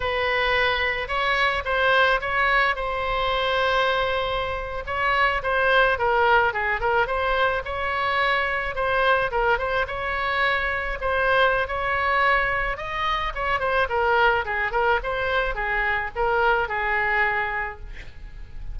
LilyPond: \new Staff \with { instrumentName = "oboe" } { \time 4/4 \tempo 4 = 108 b'2 cis''4 c''4 | cis''4 c''2.~ | c''8. cis''4 c''4 ais'4 gis'16~ | gis'16 ais'8 c''4 cis''2 c''16~ |
c''8. ais'8 c''8 cis''2 c''16~ | c''4 cis''2 dis''4 | cis''8 c''8 ais'4 gis'8 ais'8 c''4 | gis'4 ais'4 gis'2 | }